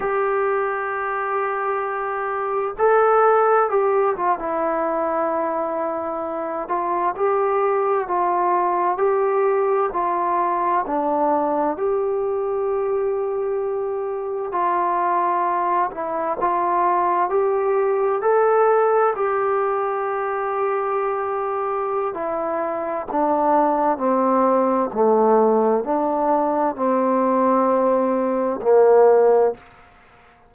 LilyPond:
\new Staff \with { instrumentName = "trombone" } { \time 4/4 \tempo 4 = 65 g'2. a'4 | g'8 f'16 e'2~ e'8 f'8 g'16~ | g'8. f'4 g'4 f'4 d'16~ | d'8. g'2. f'16~ |
f'4~ f'16 e'8 f'4 g'4 a'16~ | a'8. g'2.~ g'16 | e'4 d'4 c'4 a4 | d'4 c'2 ais4 | }